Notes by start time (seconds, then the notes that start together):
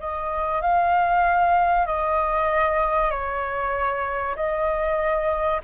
0.00 D#5
0.62 F5
1.87 D#5
3.11 C#5
4.36 D#5